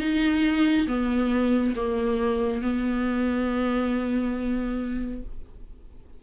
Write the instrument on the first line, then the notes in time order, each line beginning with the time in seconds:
viola
0.00 D#4
0.87 B3
1.76 A#3
2.62 B3